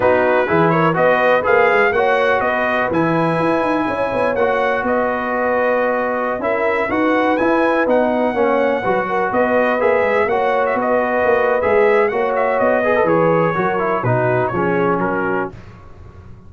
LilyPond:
<<
  \new Staff \with { instrumentName = "trumpet" } { \time 4/4 \tempo 4 = 124 b'4. cis''8 dis''4 f''4 | fis''4 dis''4 gis''2~ | gis''4 fis''4 dis''2~ | dis''4~ dis''16 e''4 fis''4 gis''8.~ |
gis''16 fis''2. dis''8.~ | dis''16 e''4 fis''8. e''16 dis''4.~ dis''16 | e''4 fis''8 e''8 dis''4 cis''4~ | cis''4 b'4 cis''4 ais'4 | }
  \new Staff \with { instrumentName = "horn" } { \time 4/4 fis'4 gis'8 ais'8 b'2 | cis''4 b'2. | cis''2 b'2~ | b'4~ b'16 ais'4 b'4.~ b'16~ |
b'4~ b'16 cis''4 b'8 ais'8 b'8.~ | b'4~ b'16 cis''4 b'4.~ b'16~ | b'4 cis''4. b'4. | ais'4 fis'4 gis'4 fis'4 | }
  \new Staff \with { instrumentName = "trombone" } { \time 4/4 dis'4 e'4 fis'4 gis'4 | fis'2 e'2~ | e'4 fis'2.~ | fis'4~ fis'16 e'4 fis'4 e'8.~ |
e'16 dis'4 cis'4 fis'4.~ fis'16~ | fis'16 gis'4 fis'2~ fis'8. | gis'4 fis'4. gis'16 a'16 gis'4 | fis'8 e'8 dis'4 cis'2 | }
  \new Staff \with { instrumentName = "tuba" } { \time 4/4 b4 e4 b4 ais8 gis8 | ais4 b4 e4 e'8 dis'8 | cis'8 b8 ais4 b2~ | b4~ b16 cis'4 dis'4 e'8.~ |
e'16 b4 ais4 fis4 b8.~ | b16 ais8 gis8 ais4 b4 ais8. | gis4 ais4 b4 e4 | fis4 b,4 f4 fis4 | }
>>